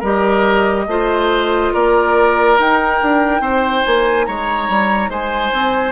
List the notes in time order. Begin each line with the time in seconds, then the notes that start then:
0.00 G3 G4 A#4 D#5
0.87 A3 F4 C5
1.74 A#3 A#4 D5
2.58 D#4 G5
3.02 D4
3.41 C4 C5
3.84 A#3 G#5
4.26 G#3 C#5 A#5
4.70 G3
5.09 G#3 C5 G#5
5.54 C4